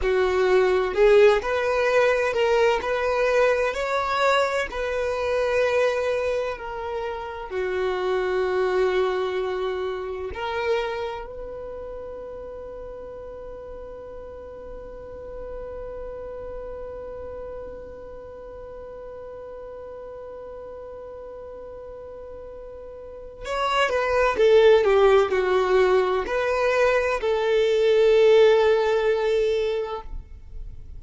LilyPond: \new Staff \with { instrumentName = "violin" } { \time 4/4 \tempo 4 = 64 fis'4 gis'8 b'4 ais'8 b'4 | cis''4 b'2 ais'4 | fis'2. ais'4 | b'1~ |
b'1~ | b'1~ | b'4 cis''8 b'8 a'8 g'8 fis'4 | b'4 a'2. | }